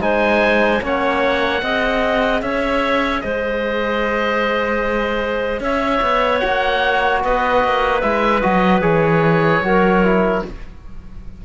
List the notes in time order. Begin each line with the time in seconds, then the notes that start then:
0.00 G#3 D#4 C5 G#5
0.81 A#3 C#4 C#5 F#5
1.61 C4 G#4 D#5
2.42 C#4 C#5 E5
3.21 G#3 C5 D#5
5.60 C#4 C#5 E5
6.02 B3
6.39 A#3 F#4 F#5
7.24 B3 B4 D#5
7.64 A#3
8.01 G#3 E4 E5
8.41 F#3 F#4 D#5
8.81 E3 G#4 C#5
9.62 F#3 F#4 A#4
10.04 E4